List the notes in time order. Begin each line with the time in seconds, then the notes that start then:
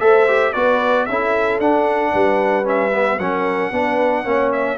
0.00 A3 A4 C5 E5
0.27 G4
0.52 B3 F#4 B4 D5
1.06 C#4 E4 A4 E5
1.59 D4 F#5
2.12 G3 B4
2.64 C#4 E5
2.93 B3
3.18 F#3 C#4 A#4 F#5
3.71 B3 D4 B4
4.24 A#3 C#4 C#5
4.52 E5